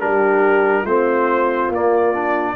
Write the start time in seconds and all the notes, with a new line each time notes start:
0.00 G3 D4 G4 A#4
0.82 A3 C4 F4 C5
1.70 A#3 D5
2.14 D4